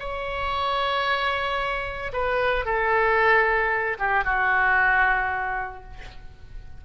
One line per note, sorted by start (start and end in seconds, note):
0.00 2.12 C#5
2.13 2.65 B4
2.65 3.98 A4
3.99 4.25 G4
4.25 5.84 F#4